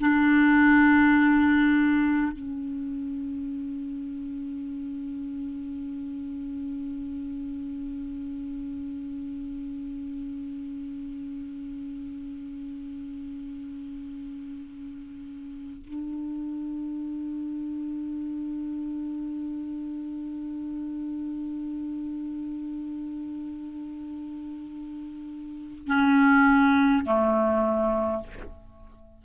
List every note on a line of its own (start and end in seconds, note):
0.00 2.32 D4
2.32 15.84 C#4
15.87 25.87 D4
25.87 27.05 C#4
27.05 28.23 A3